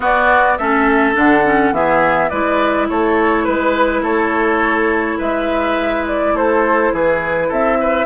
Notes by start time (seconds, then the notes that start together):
0.00 B3 F#4 D5
0.57 A3 C#4 A4 E5
1.14 D3 D4 F#5
1.44 C#4
1.71 E3 B3 G#4 E5
2.29 G#3 E4 B4 D5
2.88 A3 A4 C#5
3.44 G#3 B4
4.02 A3 A4 C#5
5.18 G#3 B4 E5
6.07 D5
6.33 A3 A4 C5
6.92 E3 G#4 B4
7.48 C4 A4 E5
7.80 B4